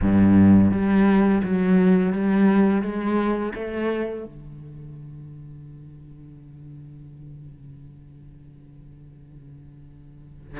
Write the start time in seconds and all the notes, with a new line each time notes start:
0.01 G2
0.71 G3
1.43 F#3
2.12 G3
2.82 G#3
3.55 A3
4.24 D3